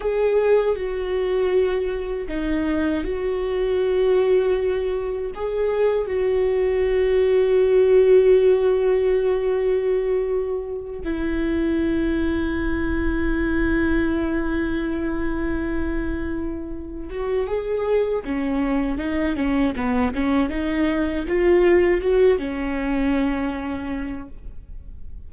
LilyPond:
\new Staff \with { instrumentName = "viola" } { \time 4/4 \tempo 4 = 79 gis'4 fis'2 dis'4 | fis'2. gis'4 | fis'1~ | fis'2~ fis'8 e'4.~ |
e'1~ | e'2~ e'8 fis'8 gis'4 | cis'4 dis'8 cis'8 b8 cis'8 dis'4 | f'4 fis'8 cis'2~ cis'8 | }